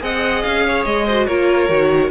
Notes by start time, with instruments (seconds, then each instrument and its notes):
0.00 cello C4, viola G#4, violin D#5 F#5
0.42 cello C#4, violin F5
0.67 violin C#5
0.85 cello G#3, violin D#5
1.06 viola F#4, violin C5
1.27 cello A#3, viola F4, violin A#4 C#5
1.69 cello D#3, viola F#4